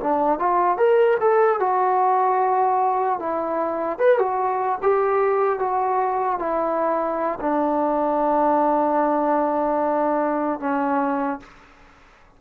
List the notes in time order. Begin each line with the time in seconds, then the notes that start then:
0.00 D4
0.39 F4
0.77 A#4
1.20 A4
1.60 F#4
3.19 E4
3.99 B4
4.18 F#4
4.82 G4
5.59 F#4
6.39 E4
7.40 D4
10.60 C#4